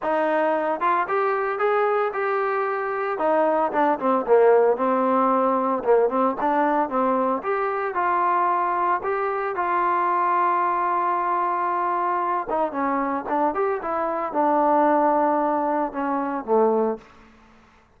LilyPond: \new Staff \with { instrumentName = "trombone" } { \time 4/4 \tempo 4 = 113 dis'4. f'8 g'4 gis'4 | g'2 dis'4 d'8 c'8 | ais4 c'2 ais8 c'8 | d'4 c'4 g'4 f'4~ |
f'4 g'4 f'2~ | f'2.~ f'8 dis'8 | cis'4 d'8 g'8 e'4 d'4~ | d'2 cis'4 a4 | }